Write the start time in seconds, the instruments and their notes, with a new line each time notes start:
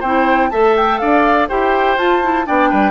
0.00 bassoon C4, clarinet E4, oboe C5, flute G5
0.50 bassoon A3, clarinet A4, oboe E5, flute A5
0.77 flute G5
0.98 bassoon D4, oboe D5, flute F5
1.49 bassoon E4, clarinet G4, oboe C5, flute G5
1.97 bassoon F4, clarinet F4, flute A5
2.23 clarinet E4
2.45 bassoon B3, clarinet D4, oboe D5, flute G5
2.70 bassoon G3, oboe B4